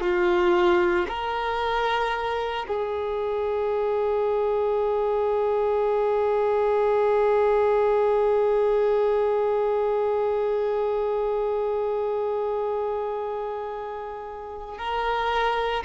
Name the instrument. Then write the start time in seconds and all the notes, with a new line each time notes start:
violin
0.00 F4
1.08 A#4
2.67 G#4
14.78 A#4